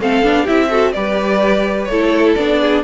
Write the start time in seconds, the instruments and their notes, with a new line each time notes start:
0.00 cello A3, viola C4, violin A4 F5
0.23 cello B3, viola D4
0.43 cello C4, viola E4, violin G4 E5
0.69 viola F#4, violin A4
0.92 cello G3, viola G4, violin B4 D5
1.84 cello A3, violin A4 C#5
1.91 viola E4
2.35 cello B3, viola D4, violin D5
2.60 violin G#4